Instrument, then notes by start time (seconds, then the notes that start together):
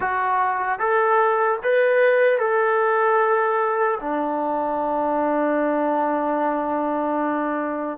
trombone
0.00 F#4
0.79 A4
1.63 B4
2.39 A4
4.00 D4